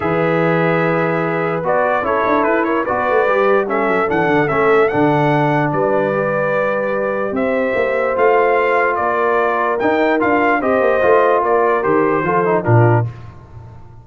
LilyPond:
<<
  \new Staff \with { instrumentName = "trumpet" } { \time 4/4 \tempo 4 = 147 e''1 | d''4 cis''4 b'8 cis''8 d''4~ | d''4 e''4 fis''4 e''4 | fis''2 d''2~ |
d''2 e''2 | f''2 d''2 | g''4 f''4 dis''2 | d''4 c''2 ais'4 | }
  \new Staff \with { instrumentName = "horn" } { \time 4/4 b'1~ | b'4 a'4. ais'8 b'4~ | b'4 a'2.~ | a'2 b'2~ |
b'2 c''2~ | c''2 ais'2~ | ais'2 c''2 | ais'2 a'4 f'4 | }
  \new Staff \with { instrumentName = "trombone" } { \time 4/4 gis'1 | fis'4 e'2 fis'4 | g'4 cis'4 d'4 cis'4 | d'2. g'4~ |
g'1 | f'1 | dis'4 f'4 g'4 f'4~ | f'4 g'4 f'8 dis'8 d'4 | }
  \new Staff \with { instrumentName = "tuba" } { \time 4/4 e1 | b4 cis'8 d'8 e'4 b8 a8 | g4. fis8 e8 d8 a4 | d2 g2~ |
g2 c'4 ais4 | a2 ais2 | dis'4 d'4 c'8 ais8 a4 | ais4 dis4 f4 ais,4 | }
>>